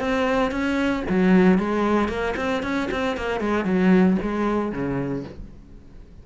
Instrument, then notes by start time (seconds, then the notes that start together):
cello
0.00 C4
0.51 C#4
1.10 F#3
1.59 G#3
2.09 A#3
2.37 C4
2.63 C#4
2.91 C4
3.17 A#3
3.41 G#3
3.65 F#3
4.23 G#3
4.72 C#3